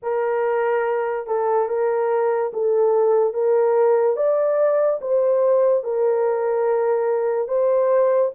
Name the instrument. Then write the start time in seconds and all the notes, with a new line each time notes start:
horn
0.02 A#4
1.27 A4
1.68 A#4
2.53 A4
3.33 A#4
4.16 D5
5.01 C5
5.83 A#4
7.48 C5